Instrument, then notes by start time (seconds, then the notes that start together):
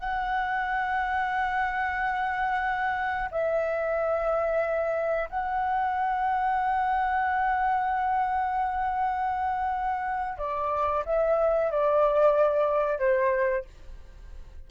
flute
0.00 F#5
3.32 E5
5.30 F#5
10.38 D5
11.06 E5
11.72 D5
12.99 C5